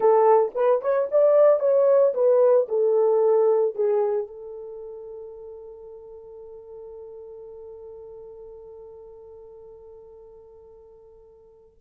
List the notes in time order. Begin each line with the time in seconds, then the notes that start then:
0.00 A4
0.54 B4
0.81 C#5
1.11 D5
1.59 C#5
2.14 B4
2.68 A4
3.75 G#4
4.27 A4